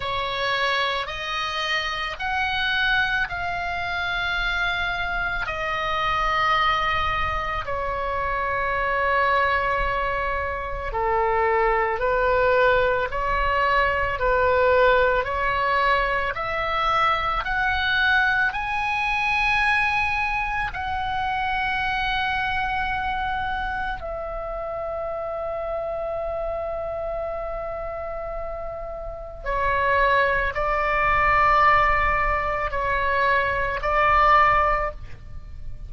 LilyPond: \new Staff \with { instrumentName = "oboe" } { \time 4/4 \tempo 4 = 55 cis''4 dis''4 fis''4 f''4~ | f''4 dis''2 cis''4~ | cis''2 a'4 b'4 | cis''4 b'4 cis''4 e''4 |
fis''4 gis''2 fis''4~ | fis''2 e''2~ | e''2. cis''4 | d''2 cis''4 d''4 | }